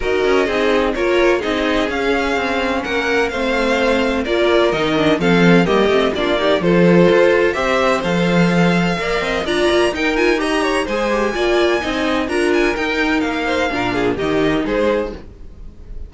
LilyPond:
<<
  \new Staff \with { instrumentName = "violin" } { \time 4/4 \tempo 4 = 127 dis''2 cis''4 dis''4 | f''2 fis''4 f''4~ | f''4 d''4 dis''4 f''4 | dis''4 d''4 c''2 |
e''4 f''2. | ais''4 g''8 gis''8 ais''4 gis''4~ | gis''2 ais''8 gis''8 g''4 | f''2 dis''4 c''4 | }
  \new Staff \with { instrumentName = "violin" } { \time 4/4 ais'4 gis'4 ais'4 gis'4~ | gis'2 ais'4 c''4~ | c''4 ais'2 a'4 | g'4 f'8 g'8 a'2 |
c''2. d''8 dis''8 | d''4 ais'4 dis''8 cis''8 c''4 | d''4 dis''4 ais'2~ | ais'8 c''8 ais'8 gis'8 g'4 gis'4 | }
  \new Staff \with { instrumentName = "viola" } { \time 4/4 fis'4 dis'4 f'4 dis'4 | cis'2. c'4~ | c'4 f'4 dis'8 d'8 c'4 | ais8 c'8 d'8 dis'8 f'2 |
g'4 a'2 ais'4 | f'4 dis'8 f'8 g'4 gis'8 g'8 | f'4 dis'4 f'4 dis'4~ | dis'4 d'4 dis'2 | }
  \new Staff \with { instrumentName = "cello" } { \time 4/4 dis'8 cis'8 c'4 ais4 c'4 | cis'4 c'4 ais4 a4~ | a4 ais4 dis4 f4 | g8 a8 ais4 f4 f'4 |
c'4 f2 ais8 c'8 | d'8 ais8 dis'2 gis4 | ais4 c'4 d'4 dis'4 | ais4 ais,4 dis4 gis4 | }
>>